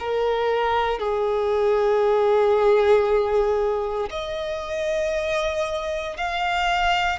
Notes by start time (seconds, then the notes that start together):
0.00 A#4
1.00 G#4
4.11 D#5
6.17 F5